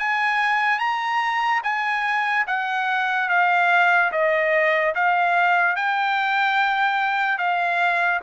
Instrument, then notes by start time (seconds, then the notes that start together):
trumpet
0.00 G#5
0.79 A#5
1.64 G#5
2.47 F#5
3.30 F5
4.12 D#5
4.95 F5
5.76 G5
7.38 F5